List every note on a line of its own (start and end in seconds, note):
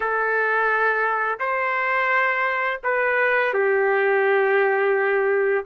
0.00 1.39 A4
1.39 2.80 C5
2.83 3.53 B4
3.53 5.65 G4